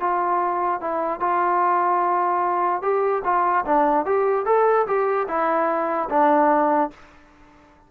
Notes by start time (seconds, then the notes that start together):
0.00 F4
0.81 E4
1.20 F4
2.82 G4
3.25 F4
3.66 D4
4.06 G4
4.46 A4
4.87 G4
5.28 E4
6.10 D4